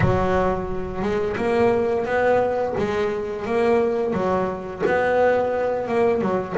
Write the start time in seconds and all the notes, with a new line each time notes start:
0.00 F#3
1.02 G#3
1.36 A#3
2.05 B3
2.77 G#3
3.45 A#3
4.13 F#3
4.86 B3
5.87 A#3
6.21 F#3